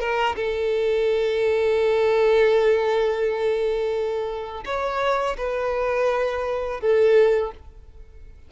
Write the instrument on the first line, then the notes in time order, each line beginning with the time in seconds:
violin
0.00 A#4
0.36 A4
4.66 C#5
5.38 B4
6.81 A4